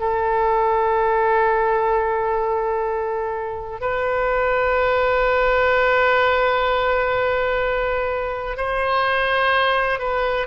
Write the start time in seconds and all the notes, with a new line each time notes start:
0.00 A4
3.81 B4
8.58 C5
10.00 B4